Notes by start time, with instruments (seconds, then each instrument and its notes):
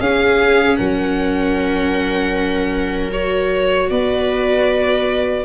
0.00 tuba C#4, viola C#4 G#4, violin F5
0.76 tuba F#3, viola A#4, violin F#5
3.12 viola F#4, violin C#5
3.90 tuba B3, viola B4, violin D5